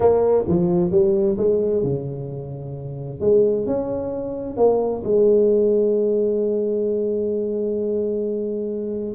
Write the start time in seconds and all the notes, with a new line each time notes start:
0.00 A#3
0.47 F3
0.91 G3
1.37 G#3
1.83 C#3
3.20 G#3
3.66 C#4
4.57 A#3
5.03 G#3